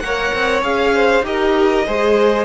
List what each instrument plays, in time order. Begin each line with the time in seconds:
0.00 cello A#3, viola A#4, violin C#5 F#5
0.35 cello C4
0.62 cello C#4, viola G#4, violin F5
0.95 violin C5
1.22 cello D#4, viola G4, violin A#4 D#5
1.87 cello G#3, viola G#4, violin C5